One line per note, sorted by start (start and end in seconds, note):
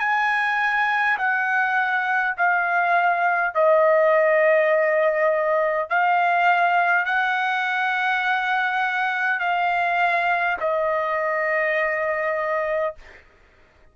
0.00 1.18 G#5
1.18 2.36 F#5
2.37 3.55 F5
3.55 5.90 D#5
5.90 7.05 F5
7.05 9.40 F#5
9.40 10.57 F5
10.60 12.95 D#5